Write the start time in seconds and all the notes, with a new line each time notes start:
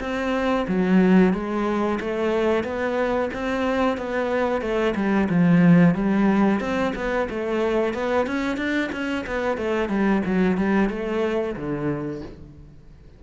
0.00 C4
0.68 F#3
1.33 G#3
2.00 A3
2.64 B3
3.33 C4
3.97 B3
4.61 A3
4.95 G3
5.30 F3
5.95 G3
6.60 C4
6.95 B3
7.30 A3
7.94 B3
8.27 C#4
8.57 D4
8.92 C#4
9.27 B3
9.58 A3
9.89 G3
10.26 F#3
10.57 G3
10.89 A3
11.56 D3